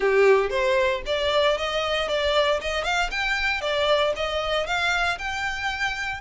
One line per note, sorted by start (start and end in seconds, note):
0.00 0.50 G4
0.50 1.01 C5
1.06 1.57 D5
1.57 2.08 D#5
2.08 2.60 D5
2.61 2.84 D#5
2.84 3.10 F5
3.10 3.61 G5
3.61 4.13 D5
4.15 4.66 D#5
4.66 5.17 F5
5.18 6.20 G5